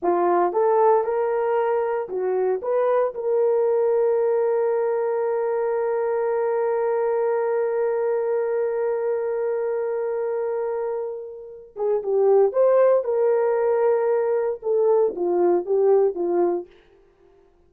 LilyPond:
\new Staff \with { instrumentName = "horn" } { \time 4/4 \tempo 4 = 115 f'4 a'4 ais'2 | fis'4 b'4 ais'2~ | ais'1~ | ais'1~ |
ais'1~ | ais'2~ ais'8 gis'8 g'4 | c''4 ais'2. | a'4 f'4 g'4 f'4 | }